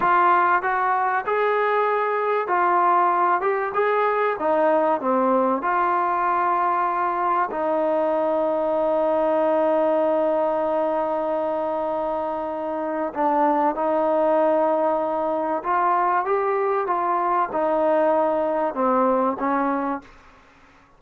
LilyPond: \new Staff \with { instrumentName = "trombone" } { \time 4/4 \tempo 4 = 96 f'4 fis'4 gis'2 | f'4. g'8 gis'4 dis'4 | c'4 f'2. | dis'1~ |
dis'1~ | dis'4 d'4 dis'2~ | dis'4 f'4 g'4 f'4 | dis'2 c'4 cis'4 | }